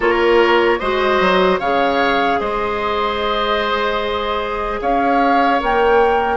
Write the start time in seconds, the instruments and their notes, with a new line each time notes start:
0.00 bassoon A#3, clarinet F4, oboe A#4, flute C#5
0.79 bassoon G#3, clarinet F#4, oboe C5, flute D#5
1.20 bassoon F#3
1.59 bassoon C#3, clarinet G#4, oboe C#5, flute F5
2.39 bassoon G#3, oboe C5, flute D#5
4.81 bassoon C#4, oboe C#5, flute F5
5.59 bassoon A#3, clarinet A#4, flute G5